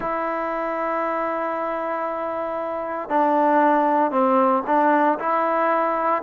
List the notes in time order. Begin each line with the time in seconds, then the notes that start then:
0.00 E4
3.08 D4
4.11 C4
4.66 D4
5.19 E4